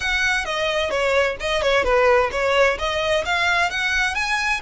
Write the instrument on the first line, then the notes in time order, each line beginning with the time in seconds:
violin
0.00 F#5
0.45 D#5
0.90 C#5
1.40 D#5
1.62 C#5
1.84 B4
2.31 C#5
2.78 D#5
3.25 F5
3.70 F#5
4.14 G#5